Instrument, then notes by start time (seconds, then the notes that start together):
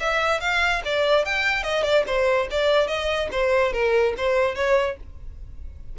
violin
0.00 E5
0.41 F5
0.85 D5
1.25 G5
1.63 D#5
1.83 D5
2.07 C5
2.51 D5
2.88 D#5
3.32 C5
3.73 A#4
4.17 C5
4.55 C#5